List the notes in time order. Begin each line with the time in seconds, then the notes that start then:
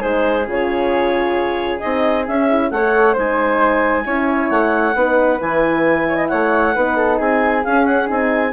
0.00 G#3 D#4 G#4 C5
0.47 C#3 F4 C#5
1.80 C4 D#4 D#5
2.27 C#4 E5
2.49 E4
2.71 A3 A4 C#5 F#5
3.13 G#3 D#4 C5 G#5
4.05 C#4 E4 C#5
4.50 A3 F#5
4.94 B3 D#4 B4
5.40 E3 E4 G#5
6.08 C#5
6.16 D#5
6.28 A3 C#5 F#5
6.74 B3 D#4 B4
6.96 A4
7.18 C4 G#4 G#5
7.64 C#4 F5
7.85 F#5
8.06 C4 D#4 G#5